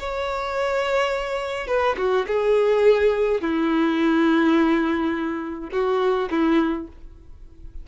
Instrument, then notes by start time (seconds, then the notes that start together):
violin
0.00 C#5
1.68 B4
1.98 F#4
2.28 G#4
3.42 E4
5.73 F#4
6.31 E4